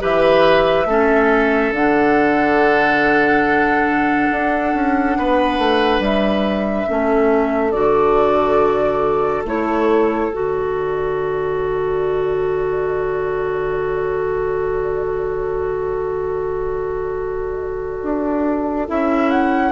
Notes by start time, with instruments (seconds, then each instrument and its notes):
0.00 bassoon E3, clarinet G4, oboe B4, flute E5
0.86 bassoon A3, clarinet C#4, oboe A4
1.71 bassoon D3, clarinet D4, flute F#5
4.31 bassoon D4
4.74 bassoon C#4
5.17 bassoon B3, oboe B4
5.59 bassoon A3
6.00 bassoon G3, flute E5
6.88 bassoon A3, clarinet C#4, oboe A4
7.72 bassoon D3, clarinet F#4, flute D5
9.45 bassoon A3, clarinet E4, flute C#5
10.30 bassoon D3, clarinet F#4, flute D5
18.03 bassoon D4
18.88 bassoon C#4, clarinet E4, flute E5
19.31 flute F#5